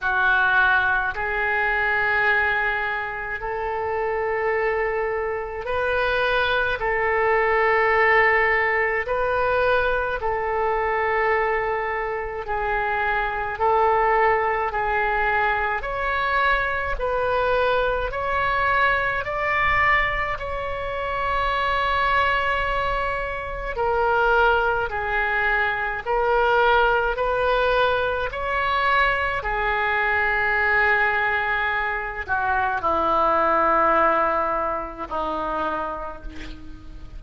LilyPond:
\new Staff \with { instrumentName = "oboe" } { \time 4/4 \tempo 4 = 53 fis'4 gis'2 a'4~ | a'4 b'4 a'2 | b'4 a'2 gis'4 | a'4 gis'4 cis''4 b'4 |
cis''4 d''4 cis''2~ | cis''4 ais'4 gis'4 ais'4 | b'4 cis''4 gis'2~ | gis'8 fis'8 e'2 dis'4 | }